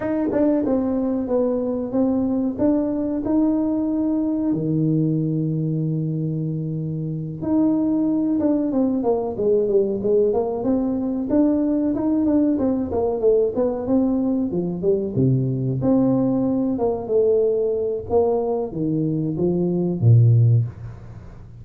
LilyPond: \new Staff \with { instrumentName = "tuba" } { \time 4/4 \tempo 4 = 93 dis'8 d'8 c'4 b4 c'4 | d'4 dis'2 dis4~ | dis2.~ dis8 dis'8~ | dis'4 d'8 c'8 ais8 gis8 g8 gis8 |
ais8 c'4 d'4 dis'8 d'8 c'8 | ais8 a8 b8 c'4 f8 g8 c8~ | c8 c'4. ais8 a4. | ais4 dis4 f4 ais,4 | }